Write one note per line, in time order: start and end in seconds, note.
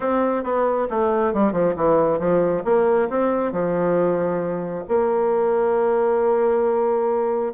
0.00 0.43 C4
0.43 0.87 B3
0.90 1.33 A3
1.33 1.52 G3
1.52 1.74 F3
1.76 2.19 E3
2.19 2.63 F3
2.64 3.08 A#3
3.09 3.52 C4
3.52 4.84 F3
4.88 7.53 A#3